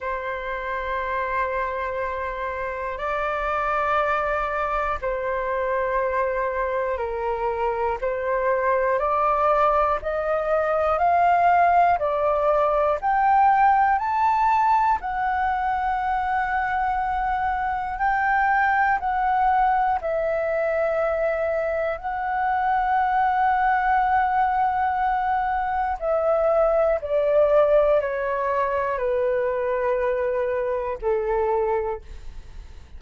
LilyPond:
\new Staff \with { instrumentName = "flute" } { \time 4/4 \tempo 4 = 60 c''2. d''4~ | d''4 c''2 ais'4 | c''4 d''4 dis''4 f''4 | d''4 g''4 a''4 fis''4~ |
fis''2 g''4 fis''4 | e''2 fis''2~ | fis''2 e''4 d''4 | cis''4 b'2 a'4 | }